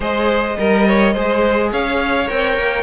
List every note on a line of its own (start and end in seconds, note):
0.00 0.57 G#3
0.00 0.57 G#4
0.00 0.57 C5
0.00 1.72 D#5
0.58 1.15 G3
0.58 0.87 A#4
0.58 1.16 A#4
0.87 1.13 C#5
1.13 1.72 G#3
1.13 2.27 G#4
1.13 1.70 C5
1.72 2.29 C#4
1.72 2.83 C#5
1.72 2.29 F5
2.27 2.57 C4
2.27 2.83 A#4
2.27 2.83 G5
2.57 2.83 A#3